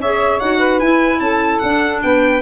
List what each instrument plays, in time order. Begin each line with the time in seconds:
0.00 tuba C#4, clarinet G#4, saxophone C#5, violin E5
0.40 tuba D#4, clarinet F#4, violin F#5
0.58 saxophone B4
0.80 tuba E4, clarinet E4, violin G#5
1.20 tuba C#4, saxophone A4, violin A5
1.59 tuba D4, clarinet D4, violin F#5
2.03 tuba B3, saxophone B4, violin G5